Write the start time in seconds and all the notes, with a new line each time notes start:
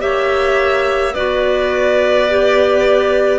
0.00 A#3 G4 C#5 E5
1.14 B3 F#4 B4 D5
2.29 G4